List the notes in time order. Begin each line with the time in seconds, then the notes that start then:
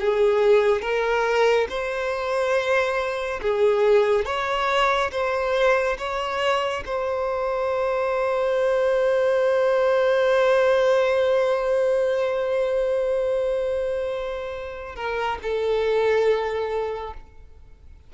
0.00 G#4
0.81 A#4
1.69 C5
3.41 G#4
4.25 C#5
5.11 C5
5.98 C#5
6.85 C5
14.96 A#4
15.42 A4